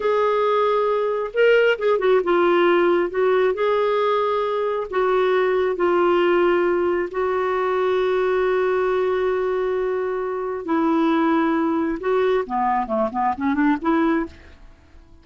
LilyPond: \new Staff \with { instrumentName = "clarinet" } { \time 4/4 \tempo 4 = 135 gis'2. ais'4 | gis'8 fis'8 f'2 fis'4 | gis'2. fis'4~ | fis'4 f'2. |
fis'1~ | fis'1 | e'2. fis'4 | b4 a8 b8 cis'8 d'8 e'4 | }